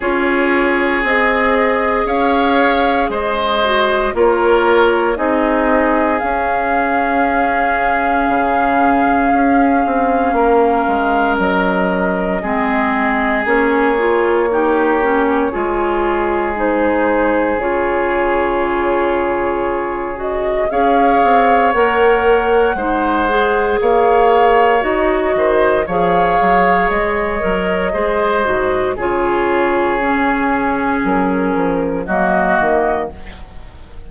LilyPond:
<<
  \new Staff \with { instrumentName = "flute" } { \time 4/4 \tempo 4 = 58 cis''4 dis''4 f''4 dis''4 | cis''4 dis''4 f''2~ | f''2. dis''4~ | dis''4 cis''2. |
c''4 cis''2~ cis''8 dis''8 | f''4 fis''2 f''4 | dis''4 f''4 dis''2 | cis''2 ais'4 dis''4 | }
  \new Staff \with { instrumentName = "oboe" } { \time 4/4 gis'2 cis''4 c''4 | ais'4 gis'2.~ | gis'2 ais'2 | gis'2 g'4 gis'4~ |
gis'1 | cis''2 c''4 cis''4~ | cis''8 c''8 cis''2 c''4 | gis'2. fis'4 | }
  \new Staff \with { instrumentName = "clarinet" } { \time 4/4 f'4 gis'2~ gis'8 fis'8 | f'4 dis'4 cis'2~ | cis'1 | c'4 cis'8 f'8 dis'8 cis'8 f'4 |
dis'4 f'2~ f'8 fis'8 | gis'4 ais'4 dis'8 gis'4. | fis'4 gis'4. ais'8 gis'8 fis'8 | f'4 cis'2 ais4 | }
  \new Staff \with { instrumentName = "bassoon" } { \time 4/4 cis'4 c'4 cis'4 gis4 | ais4 c'4 cis'2 | cis4 cis'8 c'8 ais8 gis8 fis4 | gis4 ais2 gis4~ |
gis4 cis2. | cis'8 c'8 ais4 gis4 ais4 | dis'8 dis8 f8 fis8 gis8 fis8 gis8 gis,8 | cis2 fis8 f8 fis8 dis8 | }
>>